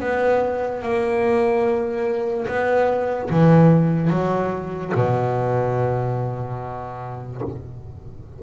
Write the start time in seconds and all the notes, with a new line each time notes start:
0.00 B3
0.83 A#3
2.47 B3
3.30 E3
4.10 F#3
4.95 B2